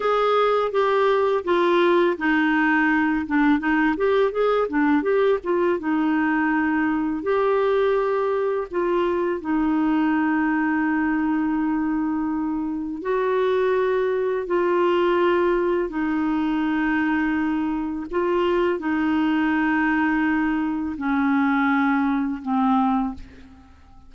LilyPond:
\new Staff \with { instrumentName = "clarinet" } { \time 4/4 \tempo 4 = 83 gis'4 g'4 f'4 dis'4~ | dis'8 d'8 dis'8 g'8 gis'8 d'8 g'8 f'8 | dis'2 g'2 | f'4 dis'2.~ |
dis'2 fis'2 | f'2 dis'2~ | dis'4 f'4 dis'2~ | dis'4 cis'2 c'4 | }